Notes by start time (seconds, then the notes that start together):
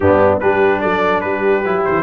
0.00 G2 B3 D4 G4
0.40 G3 D4 G4 B4
0.80 F#3 A4 D5
1.20 G3 G4 B4
1.65 F#3 E4
1.84 E3 C5